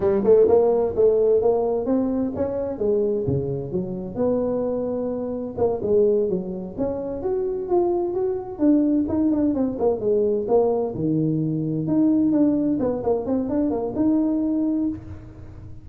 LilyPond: \new Staff \with { instrumentName = "tuba" } { \time 4/4 \tempo 4 = 129 g8 a8 ais4 a4 ais4 | c'4 cis'4 gis4 cis4 | fis4 b2. | ais8 gis4 fis4 cis'4 fis'8~ |
fis'8 f'4 fis'4 d'4 dis'8 | d'8 c'8 ais8 gis4 ais4 dis8~ | dis4. dis'4 d'4 b8 | ais8 c'8 d'8 ais8 dis'2 | }